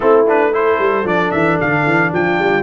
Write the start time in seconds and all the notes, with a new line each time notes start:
0.00 A3 C4 E4 A4
0.28 D4 B4
0.52 E4 A4 C5
0.78 G3
1.04 F3 D4 D5
1.31 E3 E5
1.60 D3 F5
1.86 E3
2.13 F3 F4 G5
2.38 G3